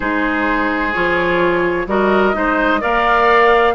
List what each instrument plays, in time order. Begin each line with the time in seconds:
0.00 bassoon G#3, clarinet D#4, oboe G#4, flute C5
0.93 bassoon F3, clarinet F4, flute C#5
1.86 bassoon G3, clarinet F#4, oboe A#4, flute D#5
2.33 bassoon G#3, clarinet D#4, oboe C5
2.80 bassoon A#3, clarinet A#4, oboe D5, flute F5